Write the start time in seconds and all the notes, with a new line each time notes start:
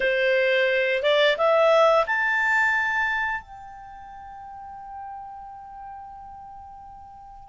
0.00 C5
1.02 D5
1.37 E5
2.06 A5
3.41 G5